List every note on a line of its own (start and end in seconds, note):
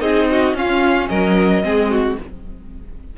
0.00 0.53 C4
0.00 0.54 D#4
0.00 0.29 G#4
0.00 0.55 D#5
0.31 0.57 F#4
0.53 1.07 C#4
0.53 1.63 C#4
0.53 1.09 F4
0.53 1.08 F5
1.08 1.63 F#3
1.08 1.63 A#4
1.08 2.17 D#5
1.63 2.17 G#3
1.63 2.17 C4
1.63 1.90 G#4
1.90 2.17 F#4